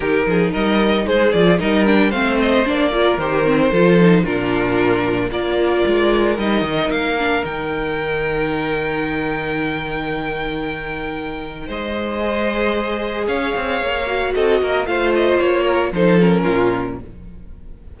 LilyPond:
<<
  \new Staff \with { instrumentName = "violin" } { \time 4/4 \tempo 4 = 113 ais'4 dis''4 c''8 d''8 dis''8 g''8 | f''8 dis''8 d''4 c''2 | ais'2 d''2 | dis''4 f''4 g''2~ |
g''1~ | g''2 dis''2~ | dis''4 f''2 dis''4 | f''8 dis''8 cis''4 c''8 ais'4. | }
  \new Staff \with { instrumentName = "violin" } { \time 4/4 g'8 gis'8 ais'4 gis'4 ais'4 | c''4. ais'4. a'4 | f'2 ais'2~ | ais'1~ |
ais'1~ | ais'2 c''2~ | c''4 cis''2 a'8 ais'8 | c''4. ais'8 a'4 f'4 | }
  \new Staff \with { instrumentName = "viola" } { \time 4/4 dis'2~ dis'8 f'8 dis'8 d'8 | c'4 d'8 f'8 g'8 c'8 f'8 dis'8 | d'2 f'2 | dis'4. d'8 dis'2~ |
dis'1~ | dis'2. gis'4~ | gis'2~ gis'8 fis'4. | f'2 dis'8 cis'4. | }
  \new Staff \with { instrumentName = "cello" } { \time 4/4 dis8 f8 g4 gis8 f8 g4 | a4 ais4 dis4 f4 | ais,2 ais4 gis4 | g8 dis8 ais4 dis2~ |
dis1~ | dis2 gis2~ | gis4 cis'8 c'8 ais4 c'8 ais8 | a4 ais4 f4 ais,4 | }
>>